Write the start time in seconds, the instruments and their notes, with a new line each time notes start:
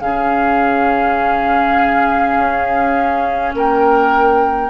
0.00 bassoon C#3, clarinet C#4, oboe G#4, flute F5
2.37 bassoon C#4
3.54 bassoon A#3, oboe A#4, flute G5